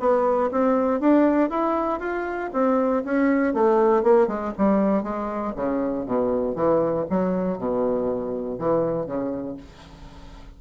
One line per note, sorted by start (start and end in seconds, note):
0.00 0.50 B3
0.52 1.01 C4
1.01 1.50 D4
1.50 2.00 E4
2.00 2.50 F4
2.53 3.04 C4
3.05 3.54 C#4
3.54 4.03 A3
4.03 4.28 A#3
4.28 4.53 G#3
4.58 5.04 G3
5.04 5.54 G#3
5.56 6.06 C#3
6.06 6.55 B2
6.55 7.06 E3
7.10 7.58 F#3
7.58 8.59 B2
8.59 9.06 E3
9.06 9.57 C#3